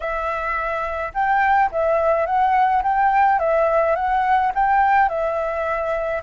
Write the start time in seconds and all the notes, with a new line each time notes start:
0.00 E5
1.13 G5
1.71 E5
2.25 F#5
2.83 G5
3.39 E5
3.95 F#5
4.54 G5
5.08 E5